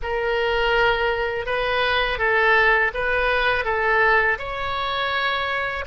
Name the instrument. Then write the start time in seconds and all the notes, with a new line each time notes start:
oboe
0.02 A#4
1.46 B4
2.18 A4
2.94 B4
3.64 A4
4.38 C#5